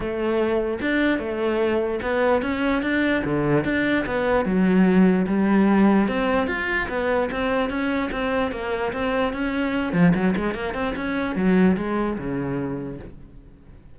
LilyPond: \new Staff \with { instrumentName = "cello" } { \time 4/4 \tempo 4 = 148 a2 d'4 a4~ | a4 b4 cis'4 d'4 | d4 d'4 b4 fis4~ | fis4 g2 c'4 |
f'4 b4 c'4 cis'4 | c'4 ais4 c'4 cis'4~ | cis'8 f8 fis8 gis8 ais8 c'8 cis'4 | fis4 gis4 cis2 | }